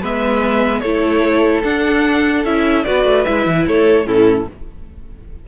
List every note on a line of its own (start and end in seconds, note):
0.00 0.82 G#3
0.00 0.83 B3
0.00 0.81 B4
0.00 0.80 E5
0.80 1.63 A3
0.80 1.63 E4
0.80 2.85 A4
0.80 1.61 C#5
1.63 2.44 D4
1.63 2.44 F#5
2.44 2.85 C#4
2.44 2.84 E4
2.44 2.84 E5
2.84 3.05 B3
2.84 3.25 F#4
2.84 3.67 B4
2.84 3.24 D5
3.05 3.25 A3
3.24 3.46 G#3
3.24 4.05 E4
3.24 3.65 E5
3.46 3.66 E3
3.67 4.06 A3
3.67 4.06 A4
3.67 4.07 C#5
4.05 4.47 A2
4.05 4.45 C#4
4.05 4.47 E4
4.05 4.48 A4